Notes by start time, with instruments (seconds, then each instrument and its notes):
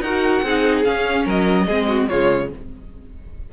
0.00 cello D#4, viola F#4, violin A#4 F#5
0.42 cello C4, viola D#4, violin G#4
0.84 viola C#4, cello C#4, violin F5
1.25 cello F#3, violin A#4 D#5
1.66 cello G#3, viola C4, violin G#4
1.88 violin F#4
2.08 cello C#3, viola G#3, violin F4 C#5